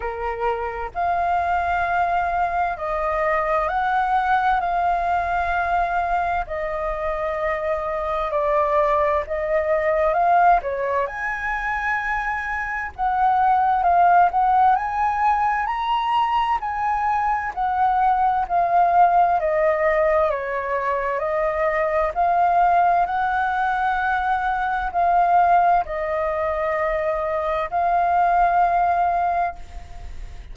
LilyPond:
\new Staff \with { instrumentName = "flute" } { \time 4/4 \tempo 4 = 65 ais'4 f''2 dis''4 | fis''4 f''2 dis''4~ | dis''4 d''4 dis''4 f''8 cis''8 | gis''2 fis''4 f''8 fis''8 |
gis''4 ais''4 gis''4 fis''4 | f''4 dis''4 cis''4 dis''4 | f''4 fis''2 f''4 | dis''2 f''2 | }